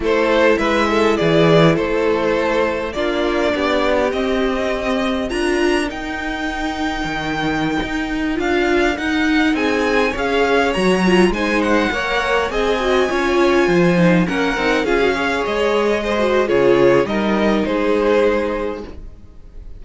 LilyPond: <<
  \new Staff \with { instrumentName = "violin" } { \time 4/4 \tempo 4 = 102 c''4 e''4 d''4 c''4~ | c''4 d''2 dis''4~ | dis''4 ais''4 g''2~ | g''2~ g''16 f''4 fis''8.~ |
fis''16 gis''4 f''4 ais''4 gis''8 fis''16~ | fis''4~ fis''16 gis''2~ gis''8.~ | gis''16 fis''4 f''4 dis''4.~ dis''16 | cis''4 dis''4 c''2 | }
  \new Staff \with { instrumentName = "violin" } { \time 4/4 a'4 b'8 a'8 gis'4 a'4~ | a'4 f'4 g'2~ | g'4 ais'2.~ | ais'1~ |
ais'16 gis'4 cis''2 c''8.~ | c''16 cis''4 dis''4 cis''4 c''8.~ | c''16 ais'4 gis'8 cis''4. c''8. | gis'4 ais'4 gis'2 | }
  \new Staff \with { instrumentName = "viola" } { \time 4/4 e'1~ | e'4 d'2 c'4~ | c'4 f'4 dis'2~ | dis'2~ dis'16 f'4 dis'8.~ |
dis'4~ dis'16 gis'4 fis'8 f'8 dis'8.~ | dis'16 ais'4 gis'8 fis'8 f'4. dis'16~ | dis'16 cis'8 dis'8 f'16 fis'16 gis'4.~ gis'16 fis'8 | f'4 dis'2. | }
  \new Staff \with { instrumentName = "cello" } { \time 4/4 a4 gis4 e4 a4~ | a4 ais4 b4 c'4~ | c'4 d'4 dis'2 | dis4~ dis16 dis'4 d'4 dis'8.~ |
dis'16 c'4 cis'4 fis4 gis8.~ | gis16 ais4 c'4 cis'4 f8.~ | f16 ais8 c'8 cis'4 gis4.~ gis16 | cis4 g4 gis2 | }
>>